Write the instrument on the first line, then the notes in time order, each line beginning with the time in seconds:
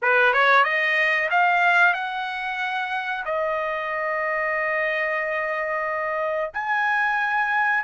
trumpet
0.01 B4
0.33 C#5
0.64 D#5
1.30 F5
1.93 F#5
3.25 D#5
6.53 G#5